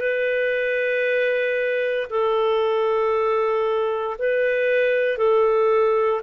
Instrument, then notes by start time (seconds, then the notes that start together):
clarinet
0.00 B4
2.10 A4
4.18 B4
5.17 A4